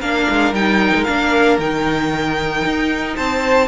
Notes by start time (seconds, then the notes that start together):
0.00 A#3 D4 A#4 F5
0.30 G#3
0.53 G3 D#4 G5
0.94 G#3
1.04 A#3 D4 F5
1.58 D#3 D#4 G5
2.65 D#4
3.15 C4 C5 A5